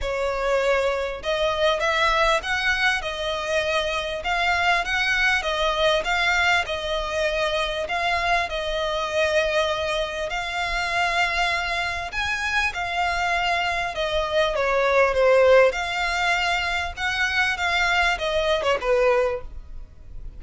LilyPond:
\new Staff \with { instrumentName = "violin" } { \time 4/4 \tempo 4 = 99 cis''2 dis''4 e''4 | fis''4 dis''2 f''4 | fis''4 dis''4 f''4 dis''4~ | dis''4 f''4 dis''2~ |
dis''4 f''2. | gis''4 f''2 dis''4 | cis''4 c''4 f''2 | fis''4 f''4 dis''8. cis''16 b'4 | }